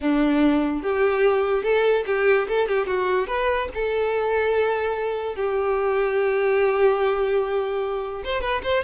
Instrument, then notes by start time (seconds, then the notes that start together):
violin
0.00 D4
0.82 G4
1.63 A4
2.06 G4
2.48 A4
2.67 G4
2.86 F#4
3.27 B4
3.74 A4
5.35 G4
8.24 C5
8.41 B4
8.63 C5